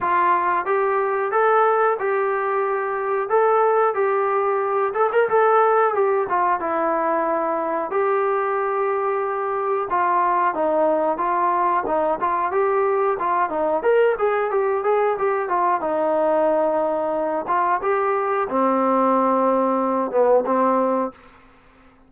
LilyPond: \new Staff \with { instrumentName = "trombone" } { \time 4/4 \tempo 4 = 91 f'4 g'4 a'4 g'4~ | g'4 a'4 g'4. a'16 ais'16 | a'4 g'8 f'8 e'2 | g'2. f'4 |
dis'4 f'4 dis'8 f'8 g'4 | f'8 dis'8 ais'8 gis'8 g'8 gis'8 g'8 f'8 | dis'2~ dis'8 f'8 g'4 | c'2~ c'8 b8 c'4 | }